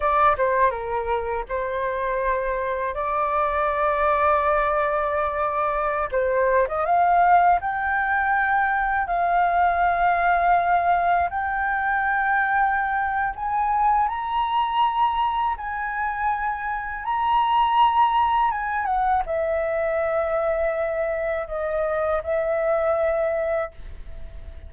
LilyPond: \new Staff \with { instrumentName = "flute" } { \time 4/4 \tempo 4 = 81 d''8 c''8 ais'4 c''2 | d''1~ | d''16 c''8. dis''16 f''4 g''4.~ g''16~ | g''16 f''2. g''8.~ |
g''2 gis''4 ais''4~ | ais''4 gis''2 ais''4~ | ais''4 gis''8 fis''8 e''2~ | e''4 dis''4 e''2 | }